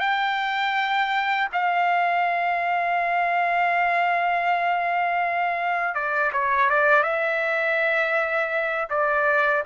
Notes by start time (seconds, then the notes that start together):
0.00 G5
1.53 F5
5.95 D5
6.33 C#5
6.70 D5
7.03 E5
8.90 D5